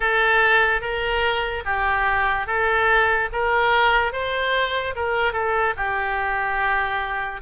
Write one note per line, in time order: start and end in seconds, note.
0.00 0.81 A4
0.81 1.63 A#4
1.65 2.47 G4
2.47 3.29 A4
3.32 4.12 A#4
4.12 4.94 C5
4.95 5.32 A#4
5.32 5.73 A4
5.76 7.41 G4